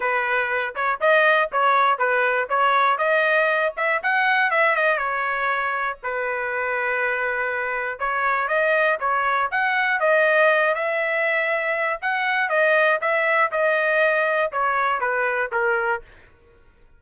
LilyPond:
\new Staff \with { instrumentName = "trumpet" } { \time 4/4 \tempo 4 = 120 b'4. cis''8 dis''4 cis''4 | b'4 cis''4 dis''4. e''8 | fis''4 e''8 dis''8 cis''2 | b'1 |
cis''4 dis''4 cis''4 fis''4 | dis''4. e''2~ e''8 | fis''4 dis''4 e''4 dis''4~ | dis''4 cis''4 b'4 ais'4 | }